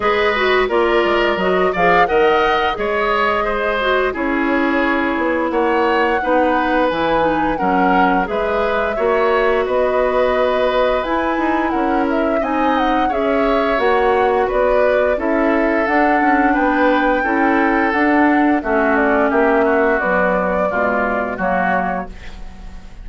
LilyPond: <<
  \new Staff \with { instrumentName = "flute" } { \time 4/4 \tempo 4 = 87 dis''4 d''4 dis''8 f''8 fis''4 | dis''2 cis''2 | fis''2 gis''4 fis''4 | e''2 dis''2 |
gis''4 fis''8 e''8 gis''8 fis''8 e''4 | fis''4 d''4 e''4 fis''4 | g''2 fis''4 e''8 d''8 | e''4 d''2 cis''4 | }
  \new Staff \with { instrumentName = "oboe" } { \time 4/4 b'4 ais'4. d''8 dis''4 | cis''4 c''4 gis'2 | cis''4 b'2 ais'4 | b'4 cis''4 b'2~ |
b'4 ais'4 dis''4 cis''4~ | cis''4 b'4 a'2 | b'4 a'2 fis'4 | g'8 fis'4. f'4 fis'4 | }
  \new Staff \with { instrumentName = "clarinet" } { \time 4/4 gis'8 fis'8 f'4 fis'8 gis'8 ais'4 | gis'4. fis'8 e'2~ | e'4 dis'4 e'8 dis'8 cis'4 | gis'4 fis'2. |
e'2 dis'4 gis'4 | fis'2 e'4 d'4~ | d'4 e'4 d'4 cis'4~ | cis'4 fis4 gis4 ais4 | }
  \new Staff \with { instrumentName = "bassoon" } { \time 4/4 gis4 ais8 gis8 fis8 f8 dis4 | gis2 cis'4. b8 | ais4 b4 e4 fis4 | gis4 ais4 b2 |
e'8 dis'8 cis'4 c'4 cis'4 | ais4 b4 cis'4 d'8 cis'8 | b4 cis'4 d'4 a4 | ais4 b4 b,4 fis4 | }
>>